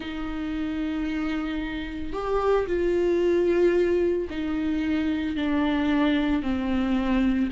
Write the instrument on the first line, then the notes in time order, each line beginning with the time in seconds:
viola
0.00 D#4
2.12 G4
2.66 F4
4.30 D#4
5.36 D4
6.42 C4